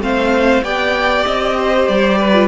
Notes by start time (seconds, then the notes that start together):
0.00 A3 C4 C5 F5
0.63 B3 G4 D5 G5
1.26 C4 D#5
1.57 C5
1.88 G3 D5
2.18 B4
2.34 F4